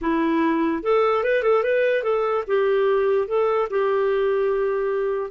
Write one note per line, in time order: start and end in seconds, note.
0.01 0.82 E4
0.82 1.23 A4
1.23 1.42 B4
1.42 1.63 A4
1.63 2.03 B4
2.03 2.44 A4
2.47 3.27 G4
3.27 3.68 A4
3.70 5.30 G4